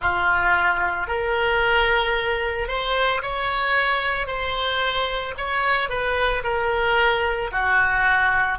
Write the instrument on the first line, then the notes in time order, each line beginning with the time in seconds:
oboe
0.01 F4
1.07 A#4
2.68 C5
3.21 C#5
4.27 C5
5.37 C#5
5.89 B4
6.43 A#4
7.51 F#4